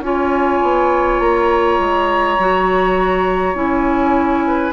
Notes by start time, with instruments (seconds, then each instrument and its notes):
0.00 bassoon C#4, clarinet F4, oboe C#5, flute G#5
0.62 bassoon B3
1.20 bassoon A#3, flute A#5
1.79 bassoon G#3
2.38 bassoon F#3, clarinet F#4
3.54 bassoon C#4, clarinet E4, flute G#5
4.47 oboe B4